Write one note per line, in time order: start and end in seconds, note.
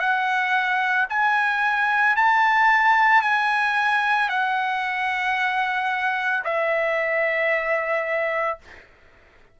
0.00 1.07 F#5
1.10 2.16 G#5
2.16 3.22 A5
3.22 4.29 G#5
4.30 6.44 F#5
6.44 8.59 E5